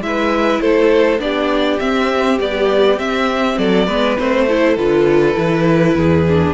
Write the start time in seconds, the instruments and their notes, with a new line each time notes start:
0.00 cello G#3, viola E4, violin B4 E5
0.61 cello A3, violin A4 C5
1.19 cello B3, viola D4, violin G4 D5
1.79 viola C4, cello C4, violin E5
2.38 viola G3, cello B3, violin D5
2.97 viola C4, cello C4, violin E5
3.57 cello F#3, violin A4 D5
3.86 cello G#3, viola B3, violin B4
4.18 cello A3, viola C4, violin C5
4.48 viola E4, violin A4
4.76 cello D3, viola F4, violin B4
5.34 cello E3, viola E4
5.95 cello E2, violin G#4
6.28 viola D4